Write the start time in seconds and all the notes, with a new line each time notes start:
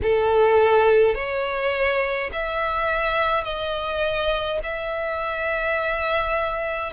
0.02 A4
1.14 C#5
2.32 E5
3.44 D#5
4.63 E5